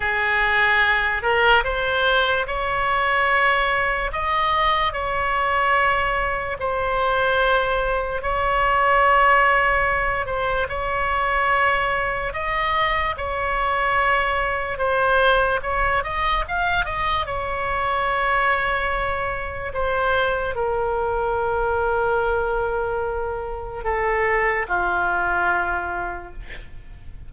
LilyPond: \new Staff \with { instrumentName = "oboe" } { \time 4/4 \tempo 4 = 73 gis'4. ais'8 c''4 cis''4~ | cis''4 dis''4 cis''2 | c''2 cis''2~ | cis''8 c''8 cis''2 dis''4 |
cis''2 c''4 cis''8 dis''8 | f''8 dis''8 cis''2. | c''4 ais'2.~ | ais'4 a'4 f'2 | }